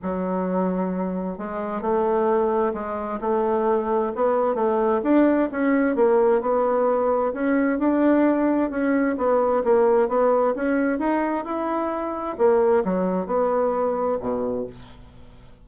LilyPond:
\new Staff \with { instrumentName = "bassoon" } { \time 4/4 \tempo 4 = 131 fis2. gis4 | a2 gis4 a4~ | a4 b4 a4 d'4 | cis'4 ais4 b2 |
cis'4 d'2 cis'4 | b4 ais4 b4 cis'4 | dis'4 e'2 ais4 | fis4 b2 b,4 | }